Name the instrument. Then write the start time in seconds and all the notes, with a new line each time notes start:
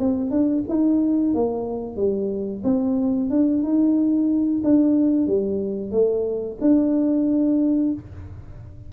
tuba
0.00 C4
0.31 D4
0.69 D#4
1.35 A#3
1.97 G3
2.64 C4
3.30 D4
3.64 D#4
4.64 D4
5.28 G3
5.92 A3
6.61 D4